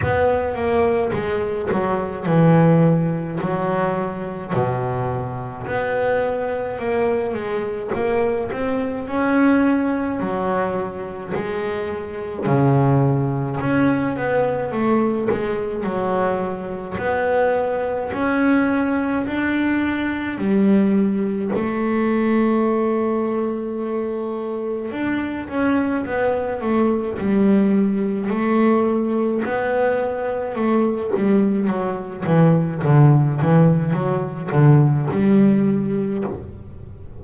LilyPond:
\new Staff \with { instrumentName = "double bass" } { \time 4/4 \tempo 4 = 53 b8 ais8 gis8 fis8 e4 fis4 | b,4 b4 ais8 gis8 ais8 c'8 | cis'4 fis4 gis4 cis4 | cis'8 b8 a8 gis8 fis4 b4 |
cis'4 d'4 g4 a4~ | a2 d'8 cis'8 b8 a8 | g4 a4 b4 a8 g8 | fis8 e8 d8 e8 fis8 d8 g4 | }